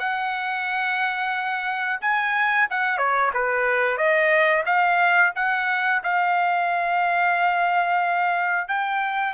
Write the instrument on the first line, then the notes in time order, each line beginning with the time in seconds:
trumpet
0.00 F#5
2.02 G#5
2.71 F#5
2.98 C#5
3.34 B4
3.98 D#5
4.66 F5
5.36 F#5
6.04 F5
8.69 G5